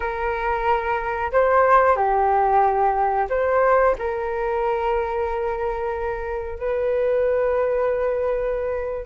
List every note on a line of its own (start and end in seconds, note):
0.00 1.31 A#4
1.32 1.96 C5
1.96 3.28 G4
3.29 3.95 C5
3.98 6.58 A#4
6.58 9.05 B4